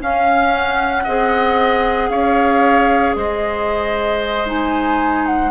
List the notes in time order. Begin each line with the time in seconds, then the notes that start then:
0.00 C#4 F5
0.55 F#5
1.04 C4 G#4 D#5
2.10 C#4 C#5 F5
3.16 G#3 C5 D#5
4.46 D#4 G#5
5.27 F#5